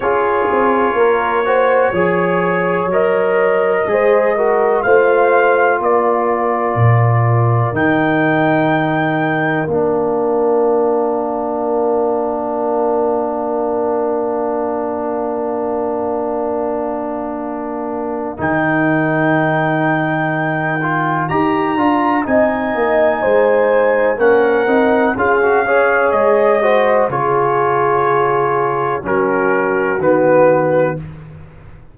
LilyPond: <<
  \new Staff \with { instrumentName = "trumpet" } { \time 4/4 \tempo 4 = 62 cis''2. dis''4~ | dis''4 f''4 d''2 | g''2 f''2~ | f''1~ |
f''2. g''4~ | g''2 ais''4 gis''4~ | gis''4 fis''4 f''4 dis''4 | cis''2 ais'4 b'4 | }
  \new Staff \with { instrumentName = "horn" } { \time 4/4 gis'4 ais'8 c''8 cis''2 | c''8 ais'8 c''4 ais'2~ | ais'1~ | ais'1~ |
ais'1~ | ais'2. dis''4 | c''4 ais'4 gis'8 cis''4 c''8 | gis'2 fis'2 | }
  \new Staff \with { instrumentName = "trombone" } { \time 4/4 f'4. fis'8 gis'4 ais'4 | gis'8 fis'8 f'2. | dis'2 d'2~ | d'1~ |
d'2. dis'4~ | dis'4. f'8 g'8 f'8 dis'4~ | dis'4 cis'8 dis'8 f'16 fis'16 gis'4 fis'8 | f'2 cis'4 b4 | }
  \new Staff \with { instrumentName = "tuba" } { \time 4/4 cis'8 c'8 ais4 f4 fis4 | gis4 a4 ais4 ais,4 | dis2 ais2~ | ais1~ |
ais2. dis4~ | dis2 dis'8 d'8 c'8 ais8 | gis4 ais8 c'8 cis'4 gis4 | cis2 fis4 dis4 | }
>>